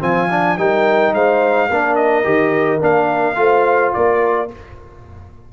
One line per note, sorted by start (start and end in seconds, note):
0.00 0.57 F3
0.00 0.28 C4
0.00 0.57 F5
0.00 0.57 G#5
0.30 0.58 D4
0.57 1.13 G3
0.57 1.70 D#4
0.57 1.14 A#4
0.57 1.13 G5
1.13 1.69 G#3
1.13 1.68 C5
1.13 1.95 F5
1.68 2.25 A#3
1.68 2.24 D4
1.68 3.36 A#4
1.95 2.79 D#5
2.24 2.81 D#3
2.24 2.79 G4
2.79 3.36 A#3
2.79 3.35 D4
2.79 3.93 F5
3.35 3.93 A3
3.35 4.47 F4
3.35 3.96 C5
3.93 4.52 A#3
3.93 4.52 A#4
3.93 4.49 D5